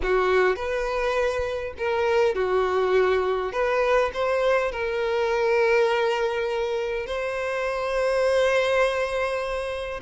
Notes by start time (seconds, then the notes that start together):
0.02 F#4
0.56 B4
1.77 A#4
2.34 F#4
3.52 B4
4.13 C5
4.71 A#4
7.06 C5